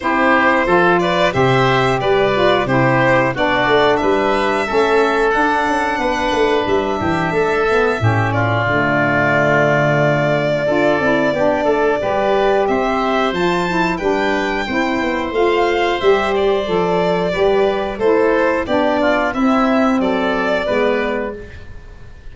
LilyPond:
<<
  \new Staff \with { instrumentName = "violin" } { \time 4/4 \tempo 4 = 90 c''4. d''8 e''4 d''4 | c''4 d''4 e''2 | fis''2 e''2~ | e''8 d''2.~ d''8~ |
d''2. e''4 | a''4 g''2 f''4 | e''8 d''2~ d''8 c''4 | d''4 e''4 d''2 | }
  \new Staff \with { instrumentName = "oboe" } { \time 4/4 g'4 a'8 b'8 c''4 b'4 | g'4 fis'4 b'4 a'4~ | a'4 b'4. g'8 a'4 | g'8 f'2.~ f'8 |
a'4 g'8 a'8 b'4 c''4~ | c''4 b'4 c''2~ | c''2 b'4 a'4 | g'8 f'8 e'4 a'4 b'4 | }
  \new Staff \with { instrumentName = "saxophone" } { \time 4/4 e'4 f'4 g'4. f'8 | e'4 d'2 cis'4 | d'2.~ d'8 b8 | cis'4 a2. |
f'8 e'8 d'4 g'2 | f'8 e'8 d'4 e'4 f'4 | g'4 a'4 g'4 e'4 | d'4 c'2 b4 | }
  \new Staff \with { instrumentName = "tuba" } { \time 4/4 c'4 f4 c4 g4 | c4 b8 a8 g4 a4 | d'8 cis'8 b8 a8 g8 e8 a4 | a,4 d2. |
d'8 c'8 b8 a8 g4 c'4 | f4 g4 c'8 b8 a4 | g4 f4 g4 a4 | b4 c'4 fis4 gis4 | }
>>